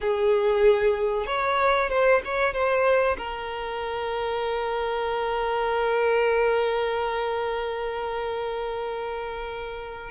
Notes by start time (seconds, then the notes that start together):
0.00 G#4
1.26 C#5
1.89 C5
2.24 C#5
2.53 C5
3.18 A#4